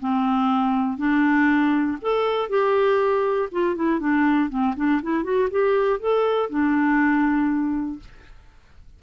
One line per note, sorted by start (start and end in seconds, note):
0.00 0.97 C4
0.97 1.97 D4
2.02 2.49 A4
2.49 3.49 G4
3.52 3.75 F4
3.75 4.00 E4
4.00 4.50 D4
4.50 4.75 C4
4.76 5.01 D4
5.02 5.24 E4
5.24 5.49 F#4
5.50 6.00 G4
6.00 6.50 A4
6.50 8.00 D4